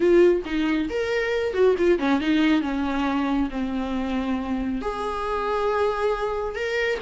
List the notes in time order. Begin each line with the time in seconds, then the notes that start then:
0.00 F4
0.45 D#4
0.89 A#4
1.53 F#4
1.78 F4
1.98 C#4
2.20 D#4
2.61 C#4
3.50 C4
4.81 G#4
6.55 A#4